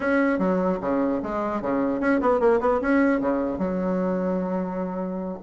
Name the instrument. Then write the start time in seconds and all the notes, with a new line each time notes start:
bassoon
0.00 C#4
0.38 F#3
0.81 C#3
1.22 G#3
1.61 C#3
2.00 C#4
2.20 B3
2.40 A#3
2.60 B3
2.81 C#4
3.20 C#3
3.58 F#3